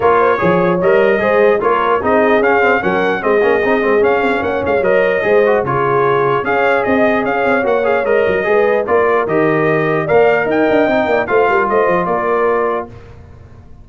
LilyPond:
<<
  \new Staff \with { instrumentName = "trumpet" } { \time 4/4 \tempo 4 = 149 cis''2 dis''2 | cis''4 dis''4 f''4 fis''4 | dis''2 f''4 fis''8 f''8 | dis''2 cis''2 |
f''4 dis''4 f''4 fis''8 f''8 | dis''2 d''4 dis''4~ | dis''4 f''4 g''2 | f''4 dis''4 d''2 | }
  \new Staff \with { instrumentName = "horn" } { \time 4/4 ais'8 c''8 cis''2 c''4 | ais'4 gis'2 ais'4 | gis'2. cis''4~ | cis''4 c''4 gis'2 |
cis''4 dis''4 cis''2~ | cis''4 b'4 ais'2~ | ais'4 d''4 dis''4. d''8 | c''8 ais'8 c''4 ais'2 | }
  \new Staff \with { instrumentName = "trombone" } { \time 4/4 f'4 gis'4 ais'4 gis'4 | f'4 dis'4 cis'8 c'8 cis'4 | c'8 cis'8 dis'8 c'8 cis'2 | ais'4 gis'8 fis'8 f'2 |
gis'2. fis'8 gis'8 | ais'4 gis'4 f'4 g'4~ | g'4 ais'2 dis'4 | f'1 | }
  \new Staff \with { instrumentName = "tuba" } { \time 4/4 ais4 f4 g4 gis4 | ais4 c'4 cis'4 fis4 | gis8 ais8 c'8 gis8 cis'8 c'8 ais8 gis8 | fis4 gis4 cis2 |
cis'4 c'4 cis'8 c'8 ais4 | gis8 fis8 gis4 ais4 dis4~ | dis4 ais4 dis'8 d'8 c'8 ais8 | a8 g8 a8 f8 ais2 | }
>>